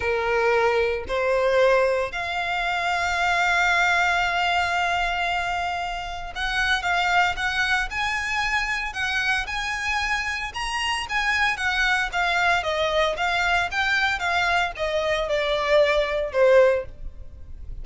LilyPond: \new Staff \with { instrumentName = "violin" } { \time 4/4 \tempo 4 = 114 ais'2 c''2 | f''1~ | f''1 | fis''4 f''4 fis''4 gis''4~ |
gis''4 fis''4 gis''2 | ais''4 gis''4 fis''4 f''4 | dis''4 f''4 g''4 f''4 | dis''4 d''2 c''4 | }